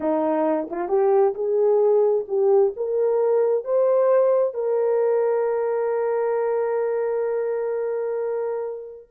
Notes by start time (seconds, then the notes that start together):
0.00 D#4
0.70 F4
0.88 G4
1.34 G#4
2.27 G4
2.76 A#4
3.64 C5
4.54 A#4